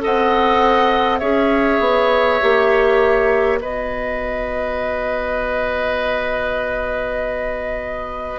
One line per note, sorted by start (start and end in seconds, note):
0.00 1.22 C4
0.00 1.20 A4
0.00 1.20 D#5
0.00 1.19 F#5
1.19 1.80 C#4
1.19 2.41 G#4
1.19 3.60 C#5
1.19 3.59 E5
1.80 2.40 B3
2.41 3.62 A#3
2.41 3.61 G4
3.61 8.39 B3
3.61 8.39 F#4
3.61 8.39 B4
3.61 8.39 D#5